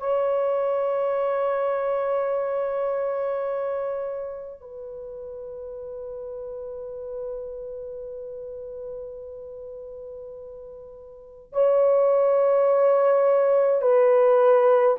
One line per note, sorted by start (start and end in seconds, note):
0.00 4.61 C#5
4.61 11.53 B4
11.53 13.82 C#5
13.82 14.97 B4